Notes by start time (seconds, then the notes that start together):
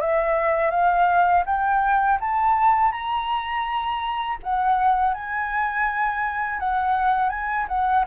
0.00 E5
0.70 F5
1.45 G5
2.20 A5
2.91 A#5
4.42 F#5
5.13 G#5
6.59 F#5
7.29 G#5
7.68 F#5